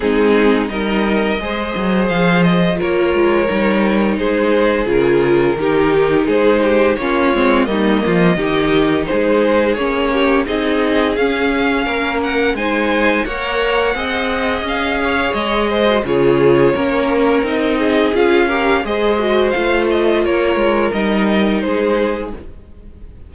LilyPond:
<<
  \new Staff \with { instrumentName = "violin" } { \time 4/4 \tempo 4 = 86 gis'4 dis''2 f''8 dis''8 | cis''2 c''4 ais'4~ | ais'4 c''4 cis''4 dis''4~ | dis''4 c''4 cis''4 dis''4 |
f''4. fis''8 gis''4 fis''4~ | fis''4 f''4 dis''4 cis''4~ | cis''4 dis''4 f''4 dis''4 | f''8 dis''8 cis''4 dis''4 c''4 | }
  \new Staff \with { instrumentName = "violin" } { \time 4/4 dis'4 ais'4 c''2 | ais'2 gis'2 | g'4 gis'8 g'8 f'4 dis'8 f'8 | g'4 gis'4. g'8 gis'4~ |
gis'4 ais'4 c''4 cis''4 | dis''4. cis''4 c''8 gis'4 | ais'4. gis'4 ais'8 c''4~ | c''4 ais'2 gis'4 | }
  \new Staff \with { instrumentName = "viola" } { \time 4/4 c'4 dis'4 gis'2 | f'4 dis'2 f'4 | dis'2 cis'8 c'8 ais4 | dis'2 cis'4 dis'4 |
cis'2 dis'4 ais'4 | gis'2~ gis'8. fis'16 f'4 | cis'4 dis'4 f'8 g'8 gis'8 fis'8 | f'2 dis'2 | }
  \new Staff \with { instrumentName = "cello" } { \time 4/4 gis4 g4 gis8 fis8 f4 | ais8 gis8 g4 gis4 cis4 | dis4 gis4 ais8 gis8 g8 f8 | dis4 gis4 ais4 c'4 |
cis'4 ais4 gis4 ais4 | c'4 cis'4 gis4 cis4 | ais4 c'4 cis'4 gis4 | a4 ais8 gis8 g4 gis4 | }
>>